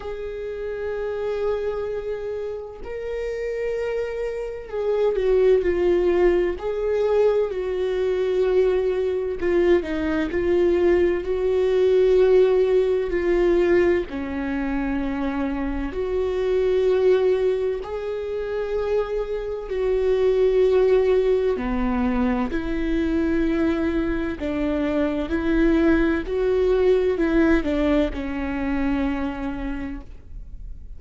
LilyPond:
\new Staff \with { instrumentName = "viola" } { \time 4/4 \tempo 4 = 64 gis'2. ais'4~ | ais'4 gis'8 fis'8 f'4 gis'4 | fis'2 f'8 dis'8 f'4 | fis'2 f'4 cis'4~ |
cis'4 fis'2 gis'4~ | gis'4 fis'2 b4 | e'2 d'4 e'4 | fis'4 e'8 d'8 cis'2 | }